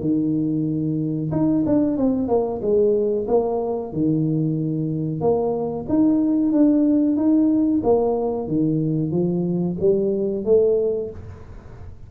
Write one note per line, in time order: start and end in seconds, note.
0.00 1.30 D#3
1.31 1.64 D#4
1.65 1.97 D4
1.97 2.28 C4
2.28 2.60 A#3
2.61 3.26 G#3
3.27 3.92 A#3
3.92 5.21 D#3
5.21 5.86 A#3
5.88 6.52 D#4
6.52 7.16 D4
7.16 7.81 D#4
7.83 8.47 A#3
8.47 9.11 D#3
9.11 9.76 F3
9.79 10.44 G3
10.44 11.10 A3